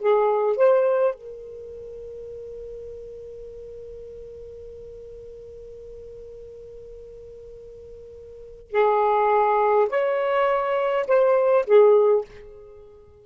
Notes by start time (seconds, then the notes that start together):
0.00 G#4
0.57 C5
1.15 A#4
8.72 G#4
9.89 C#5
11.07 C5
11.66 G#4